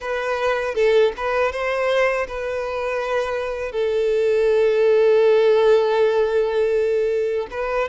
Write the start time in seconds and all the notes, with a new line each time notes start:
0.00 B4
0.75 A4
1.16 B4
1.52 C5
2.27 B4
3.72 A4
7.50 B4